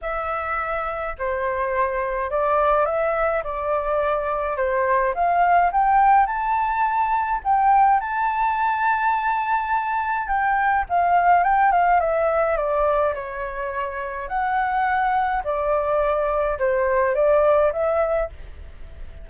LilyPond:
\new Staff \with { instrumentName = "flute" } { \time 4/4 \tempo 4 = 105 e''2 c''2 | d''4 e''4 d''2 | c''4 f''4 g''4 a''4~ | a''4 g''4 a''2~ |
a''2 g''4 f''4 | g''8 f''8 e''4 d''4 cis''4~ | cis''4 fis''2 d''4~ | d''4 c''4 d''4 e''4 | }